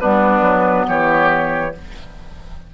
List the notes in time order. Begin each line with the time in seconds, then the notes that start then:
0.00 G3 B3 D4 B4
0.42 F#3
0.88 E3 G4 C#5